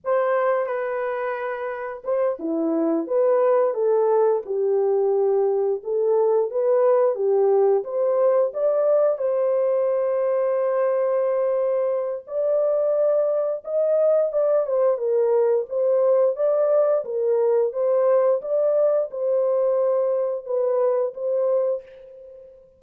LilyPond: \new Staff \with { instrumentName = "horn" } { \time 4/4 \tempo 4 = 88 c''4 b'2 c''8 e'8~ | e'8 b'4 a'4 g'4.~ | g'8 a'4 b'4 g'4 c''8~ | c''8 d''4 c''2~ c''8~ |
c''2 d''2 | dis''4 d''8 c''8 ais'4 c''4 | d''4 ais'4 c''4 d''4 | c''2 b'4 c''4 | }